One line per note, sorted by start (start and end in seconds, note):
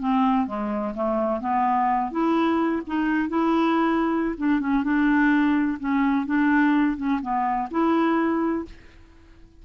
0.00 0.47 C4
0.47 0.94 G#3
0.95 1.41 A3
1.41 2.12 B3
2.12 2.83 E4
2.87 3.29 D#4
3.29 4.36 E4
4.38 4.60 D4
4.60 4.84 C#4
4.84 5.79 D4
5.80 6.27 C#4
6.27 6.97 D4
6.97 7.21 C#4
7.22 7.69 B3
7.71 8.66 E4